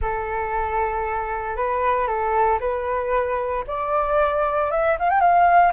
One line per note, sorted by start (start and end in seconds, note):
0.01 1.56 A4
1.56 2.07 B4
2.07 2.59 A4
2.59 3.64 B4
3.67 4.71 D5
4.71 4.97 E5
4.99 5.09 F5
5.09 5.20 G5
5.20 5.72 F5